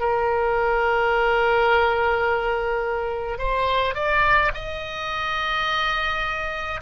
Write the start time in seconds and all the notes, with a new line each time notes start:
0.00 A#4
3.39 C5
3.95 D5
4.54 D#5